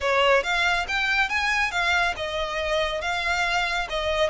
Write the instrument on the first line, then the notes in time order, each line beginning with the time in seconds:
violin
0.00 C#5
0.43 F5
0.88 G5
1.29 G#5
1.71 F5
2.16 D#5
3.01 F5
3.89 D#5